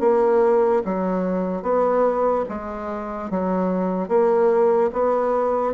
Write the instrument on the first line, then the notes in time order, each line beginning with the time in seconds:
bassoon
0.00 A#3
0.85 F#3
1.63 B3
2.48 G#3
3.30 F#3
4.08 A#3
4.93 B3